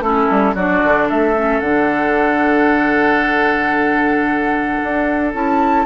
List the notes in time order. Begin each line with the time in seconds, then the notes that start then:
0.00 A3 C#4 E4 A4
0.30 G3
0.54 F#3 D4 F#4 D5
0.84 D3
1.08 A3 A4 E5
1.36 C#4
1.60 D3 D4 F#5
4.83 D4
5.34 C#4 E4 A5